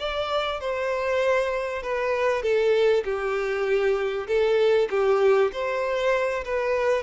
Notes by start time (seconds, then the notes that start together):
0.00 D5
0.61 C5
1.83 B4
2.43 A4
3.05 G4
4.28 A4
4.91 G4
5.53 C5
6.45 B4